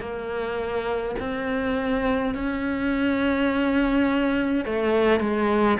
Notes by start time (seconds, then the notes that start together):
0.00 A#3
1.20 C4
2.34 C#4
4.65 A3
5.20 G#3